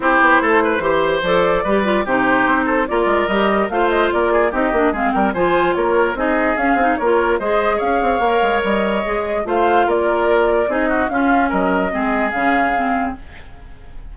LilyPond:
<<
  \new Staff \with { instrumentName = "flute" } { \time 4/4 \tempo 4 = 146 c''2. d''4~ | d''4 c''2 d''4 | dis''4 f''8 dis''8 d''4 dis''4 | f''8 g''8 gis''4 cis''4 dis''4 |
f''4 cis''4 dis''4 f''4~ | f''4 dis''2 f''4 | d''2 dis''4 f''4 | dis''2 f''2 | }
  \new Staff \with { instrumentName = "oboe" } { \time 4/4 g'4 a'8 b'8 c''2 | b'4 g'4. a'8 ais'4~ | ais'4 c''4 ais'8 gis'8 g'4 | gis'8 ais'8 c''4 ais'4 gis'4~ |
gis'4 ais'4 c''4 cis''4~ | cis''2. c''4 | ais'2 gis'8 fis'8 f'4 | ais'4 gis'2. | }
  \new Staff \with { instrumentName = "clarinet" } { \time 4/4 e'2 g'4 a'4 | g'8 f'8 dis'2 f'4 | g'4 f'2 dis'8 d'8 | c'4 f'2 dis'4 |
cis'8 dis'8 f'4 gis'2 | ais'2 gis'4 f'4~ | f'2 dis'4 cis'4~ | cis'4 c'4 cis'4 c'4 | }
  \new Staff \with { instrumentName = "bassoon" } { \time 4/4 c'8 b8 a4 e4 f4 | g4 c4 c'4 ais8 gis8 | g4 a4 ais4 c'8 ais8 | gis8 g8 f4 ais4 c'4 |
cis'8 c'8 ais4 gis4 cis'8 c'8 | ais8 gis8 g4 gis4 a4 | ais2 c'4 cis'4 | fis4 gis4 cis2 | }
>>